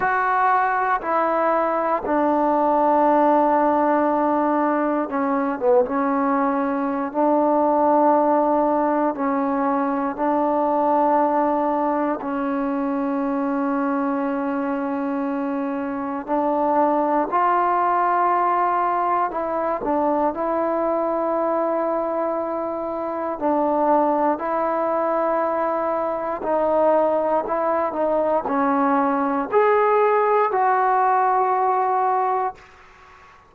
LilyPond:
\new Staff \with { instrumentName = "trombone" } { \time 4/4 \tempo 4 = 59 fis'4 e'4 d'2~ | d'4 cis'8 b16 cis'4~ cis'16 d'4~ | d'4 cis'4 d'2 | cis'1 |
d'4 f'2 e'8 d'8 | e'2. d'4 | e'2 dis'4 e'8 dis'8 | cis'4 gis'4 fis'2 | }